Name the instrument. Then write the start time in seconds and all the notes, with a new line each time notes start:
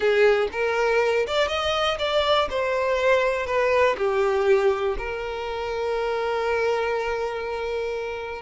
violin
0.00 G#4
0.51 A#4
1.26 D5
1.47 D#5
1.98 D5
2.50 C5
3.46 B4
3.97 G4
4.97 A#4